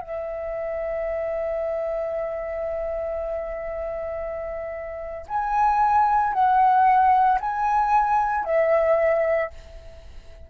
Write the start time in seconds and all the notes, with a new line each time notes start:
0.00 E5
5.28 G#5
6.33 F#5
7.41 G#5
8.44 E5